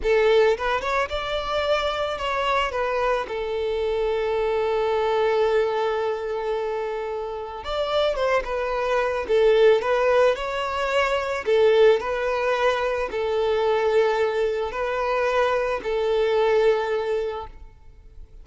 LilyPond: \new Staff \with { instrumentName = "violin" } { \time 4/4 \tempo 4 = 110 a'4 b'8 cis''8 d''2 | cis''4 b'4 a'2~ | a'1~ | a'2 d''4 c''8 b'8~ |
b'4 a'4 b'4 cis''4~ | cis''4 a'4 b'2 | a'2. b'4~ | b'4 a'2. | }